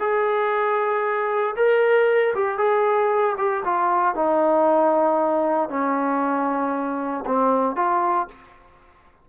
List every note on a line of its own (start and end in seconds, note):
0.00 1.55 G#4
1.56 2.34 A#4
2.35 2.58 G4
2.58 3.36 G#4
3.38 3.64 G4
3.65 4.15 F4
4.15 5.70 D#4
5.70 7.25 C#4
7.26 7.76 C4
7.76 8.28 F4